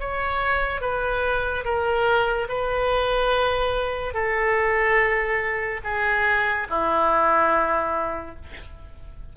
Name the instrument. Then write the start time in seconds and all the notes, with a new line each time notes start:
oboe
0.00 C#5
0.81 B4
1.65 A#4
2.49 B4
4.14 A4
5.84 G#4
6.70 E4